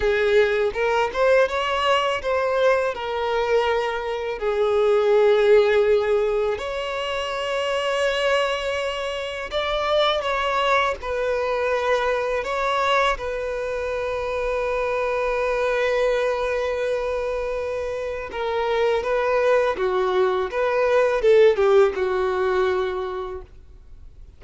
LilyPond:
\new Staff \with { instrumentName = "violin" } { \time 4/4 \tempo 4 = 82 gis'4 ais'8 c''8 cis''4 c''4 | ais'2 gis'2~ | gis'4 cis''2.~ | cis''4 d''4 cis''4 b'4~ |
b'4 cis''4 b'2~ | b'1~ | b'4 ais'4 b'4 fis'4 | b'4 a'8 g'8 fis'2 | }